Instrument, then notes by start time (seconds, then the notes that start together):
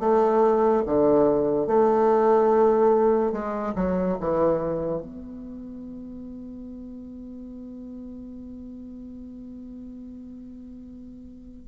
bassoon
0.00 A3
0.86 D3
1.67 A3
3.32 G#3
3.76 F#3
4.20 E3
5.02 B3